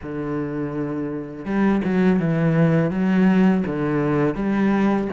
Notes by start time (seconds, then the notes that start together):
0.02 D3
1.45 G3
1.84 F#3
2.19 E3
2.91 F#3
3.66 D3
4.34 G3